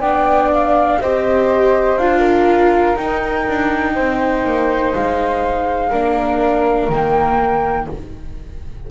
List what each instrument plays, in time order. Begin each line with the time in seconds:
0.00 double bass B3, viola D4, flute D5 G5
0.53 flute F5
1.01 double bass C4, viola G4, flute C5 D#5
1.97 double bass D4, viola F4, flute F5
2.19 flute A#4
2.95 viola D#4, double bass D#4, flute G5
3.48 double bass D4
3.94 double bass C4, flute C5
4.44 double bass A#3
4.95 double bass G#3, flute F5
5.89 double bass A#3, viola D4, flute A#4
6.89 double bass D#3, viola A#3, flute G5